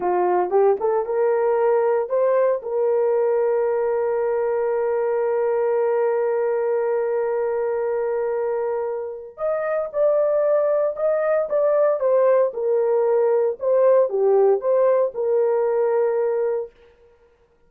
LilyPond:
\new Staff \with { instrumentName = "horn" } { \time 4/4 \tempo 4 = 115 f'4 g'8 a'8 ais'2 | c''4 ais'2.~ | ais'1~ | ais'1~ |
ais'2 dis''4 d''4~ | d''4 dis''4 d''4 c''4 | ais'2 c''4 g'4 | c''4 ais'2. | }